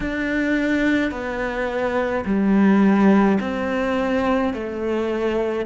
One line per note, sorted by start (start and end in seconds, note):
0.00 1.11 D4
1.11 2.24 B3
2.25 3.38 G3
3.40 4.53 C4
4.53 5.65 A3